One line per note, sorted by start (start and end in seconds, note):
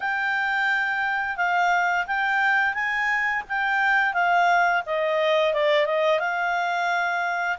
0.00 1.36 G5
1.36 2.05 F5
2.07 2.74 G5
2.74 3.43 G#5
3.49 4.13 G5
4.13 4.82 F5
4.86 5.53 D#5
5.53 5.86 D5
5.86 6.19 D#5
6.19 7.57 F5